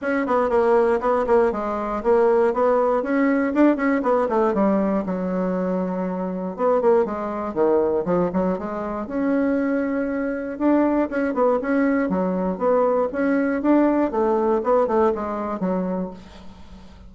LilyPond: \new Staff \with { instrumentName = "bassoon" } { \time 4/4 \tempo 4 = 119 cis'8 b8 ais4 b8 ais8 gis4 | ais4 b4 cis'4 d'8 cis'8 | b8 a8 g4 fis2~ | fis4 b8 ais8 gis4 dis4 |
f8 fis8 gis4 cis'2~ | cis'4 d'4 cis'8 b8 cis'4 | fis4 b4 cis'4 d'4 | a4 b8 a8 gis4 fis4 | }